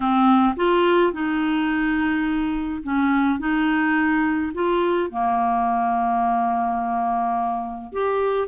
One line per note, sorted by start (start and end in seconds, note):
0.00 0.54 C4
0.56 1.12 F4
1.12 2.82 D#4
2.83 3.39 C#4
3.39 4.52 D#4
4.54 5.10 F4
5.10 7.92 A#3
7.92 8.48 G4